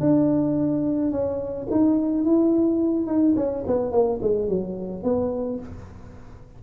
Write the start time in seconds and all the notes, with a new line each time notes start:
0.00 D4
1.11 C#4
1.71 D#4
2.24 E4
3.07 D#4
3.36 C#4
3.67 B3
3.92 A#3
4.22 G#3
4.48 F#3
5.03 B3